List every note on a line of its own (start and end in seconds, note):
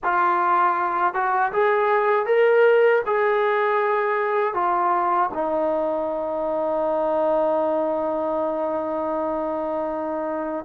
0.03 1.14 F4
1.14 1.52 F#4
1.52 2.25 G#4
2.25 3.01 A#4
3.06 4.54 G#4
4.54 5.30 F4
5.33 10.65 D#4